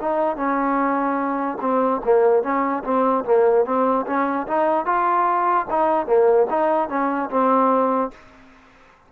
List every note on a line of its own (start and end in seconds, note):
0.00 0.36 D#4
0.36 1.58 C#4
1.61 2.01 C4
2.05 2.43 A#3
2.43 2.83 C#4
2.84 3.24 C4
3.24 3.65 A#3
3.65 4.05 C4
4.06 4.47 C#4
4.47 4.85 D#4
4.85 5.66 F4
5.70 6.06 D#4
6.06 6.47 A#3
6.50 6.89 D#4
6.89 7.29 C#4
7.30 8.11 C4